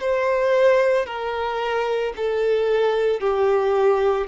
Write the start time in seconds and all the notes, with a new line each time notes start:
0.00 C5
1.06 A#4
2.17 A4
3.21 G4